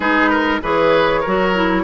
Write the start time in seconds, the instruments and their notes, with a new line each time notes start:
0.00 bassoon G#3, clarinet D#4, oboe G#4, flute B4
0.30 oboe A#4
0.62 bassoon E3, clarinet G#4, oboe B4, flute C#5
1.20 bassoon F#3, clarinet F#4, oboe A#4
1.54 clarinet E4